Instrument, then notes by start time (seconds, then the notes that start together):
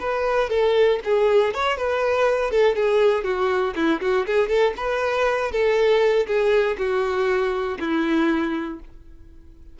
violin
0.00 B4
0.50 A4
1.04 G#4
1.54 C#5
1.77 B4
2.51 A4
2.75 G#4
3.24 F#4
3.75 E4
4.01 F#4
4.26 G#4
4.49 A4
4.77 B4
5.51 A4
6.27 G#4
6.78 F#4
7.79 E4